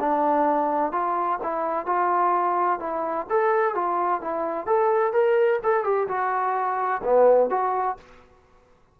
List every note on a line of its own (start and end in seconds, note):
0.00 0.92 D4
0.92 1.39 F4
1.43 1.86 E4
1.86 2.79 F4
2.79 3.26 E4
3.30 3.75 A4
3.75 4.21 F4
4.21 4.66 E4
4.66 5.13 A4
5.13 5.60 A#4
5.63 5.84 A4
5.84 6.07 G4
6.08 7.02 F#4
7.04 7.50 B3
7.50 7.97 F#4